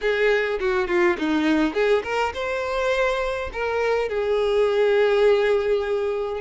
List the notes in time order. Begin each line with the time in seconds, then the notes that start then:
0.01 G#4
0.60 F#4
0.87 F4
1.18 D#4
1.73 G#4
2.03 A#4
2.34 C5
3.52 A#4
4.08 G#4